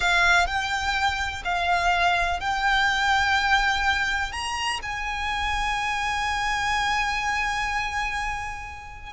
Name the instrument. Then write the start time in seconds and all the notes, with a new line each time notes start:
violin
0.00 F5
0.47 G5
1.44 F5
2.40 G5
4.32 A#5
4.82 G#5